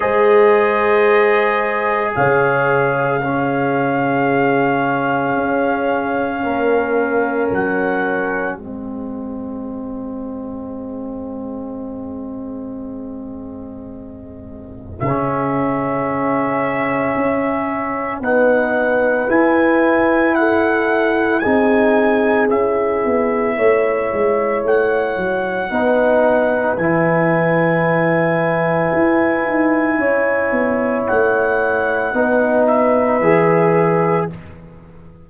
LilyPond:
<<
  \new Staff \with { instrumentName = "trumpet" } { \time 4/4 \tempo 4 = 56 dis''2 f''2~ | f''2. fis''4 | dis''1~ | dis''2 e''2~ |
e''4 fis''4 gis''4 fis''4 | gis''4 e''2 fis''4~ | fis''4 gis''2.~ | gis''4 fis''4. e''4. | }
  \new Staff \with { instrumentName = "horn" } { \time 4/4 c''2 cis''4 gis'4~ | gis'2 ais'2 | gis'1~ | gis'1~ |
gis'4 b'2 a'4 | gis'2 cis''2 | b'1 | cis''2 b'2 | }
  \new Staff \with { instrumentName = "trombone" } { \time 4/4 gis'2. cis'4~ | cis'1 | c'1~ | c'2 cis'2~ |
cis'4 dis'4 e'2 | dis'4 e'2. | dis'4 e'2.~ | e'2 dis'4 gis'4 | }
  \new Staff \with { instrumentName = "tuba" } { \time 4/4 gis2 cis2~ | cis4 cis'4 ais4 fis4 | gis1~ | gis2 cis2 |
cis'4 b4 e'2 | c'4 cis'8 b8 a8 gis8 a8 fis8 | b4 e2 e'8 dis'8 | cis'8 b8 a4 b4 e4 | }
>>